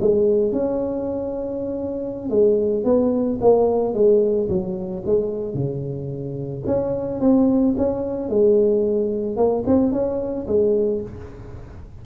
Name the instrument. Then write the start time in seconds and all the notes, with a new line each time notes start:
tuba
0.00 G#3
0.52 C#4
2.30 G#3
2.84 B3
3.40 A#3
3.93 G#3
4.48 F#3
5.06 G#3
5.54 C#3
6.66 C#4
7.20 C4
7.77 C#4
8.29 G#3
9.36 A#3
9.66 C4
9.92 C#4
10.47 G#3